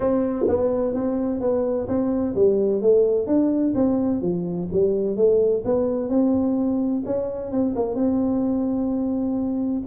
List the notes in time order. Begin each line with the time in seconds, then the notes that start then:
0.00 C4
0.48 B3
0.94 C4
1.40 B3
1.87 C4
2.35 G3
2.81 A3
3.26 D4
3.74 C4
4.21 F3
4.72 G3
5.16 A3
5.64 B3
6.09 C4
7.05 C#4
7.51 C4
7.75 A#3
7.95 C4